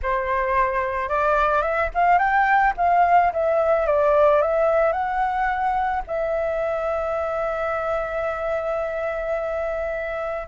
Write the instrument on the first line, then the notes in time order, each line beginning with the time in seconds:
flute
0.02 C5
1.08 D5
1.62 E5
1.94 F5
2.18 G5
2.77 F5
3.33 E5
3.86 D5
4.41 E5
4.92 F#5
6.07 E5